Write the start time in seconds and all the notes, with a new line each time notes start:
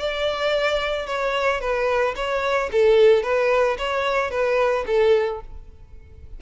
0.00 D5
1.07 C#5
1.61 B4
2.16 C#5
2.72 A4
3.23 B4
3.79 C#5
4.31 B4
4.87 A4